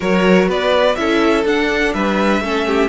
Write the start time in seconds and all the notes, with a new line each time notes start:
0.00 F#3 F#4 A#4 C#5
0.48 B3 B4 D5
0.95 C#4 E4 A4 E5
1.44 D4 F#5
1.93 G3 B4 E5
2.40 A3 C#4 A4
2.67 G4